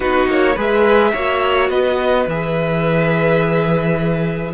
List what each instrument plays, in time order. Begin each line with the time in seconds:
0.00 cello B3, viola D#4, violin F#4 B4
0.28 cello A#3, violin C#5
0.54 cello G#3, viola G#4, violin B4 E5
1.12 cello A#3, viola F#4, violin C#5
1.69 cello B3, violin B4 D#5
2.27 cello E3, viola G#4, violin E5